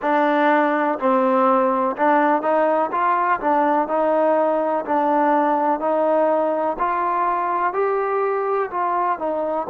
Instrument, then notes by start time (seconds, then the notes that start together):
trombone
0.02 D4
0.99 C4
1.96 D4
2.41 D#4
2.91 F4
3.40 D4
3.88 D#4
4.85 D4
5.79 D#4
6.78 F4
7.73 G4
8.71 F4
9.18 D#4